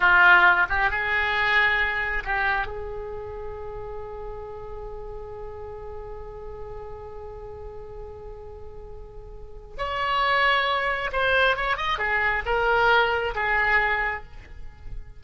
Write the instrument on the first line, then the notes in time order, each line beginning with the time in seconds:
oboe
0.00 F4
0.69 G4
0.90 G#4
2.24 G4
2.66 G#4
9.77 C#5
11.12 C5
11.56 C#5
11.76 D#5
11.98 G#4
12.45 A#4
13.34 G#4